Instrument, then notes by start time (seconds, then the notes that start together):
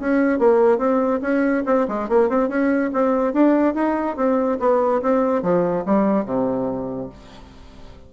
bassoon
0.00 C#4
0.39 A#3
0.79 C4
1.22 C#4
1.67 C4
1.89 G#3
2.09 A#3
2.30 C4
2.49 C#4
2.94 C4
3.34 D4
3.75 D#4
4.17 C4
4.60 B3
5.03 C4
5.43 F3
5.86 G3
6.26 C3